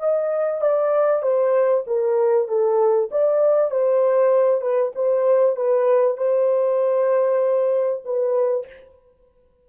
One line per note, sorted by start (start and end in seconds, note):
0.00 0.62 D#5
0.62 1.23 D5
1.23 1.85 C5
1.87 2.48 A#4
2.48 3.10 A4
3.12 3.71 D5
3.71 4.62 C5
4.62 4.93 B4
4.96 5.56 C5
5.56 6.17 B4
6.17 8.03 C5
8.05 8.67 B4